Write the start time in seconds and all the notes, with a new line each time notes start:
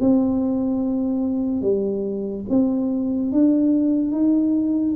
0.00 C4
1.62 G3
2.49 C4
3.32 D4
4.12 D#4